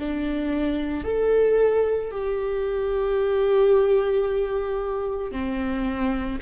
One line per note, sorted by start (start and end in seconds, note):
0.00 1.04 D4
1.04 2.11 A4
2.12 5.32 G4
5.32 6.39 C4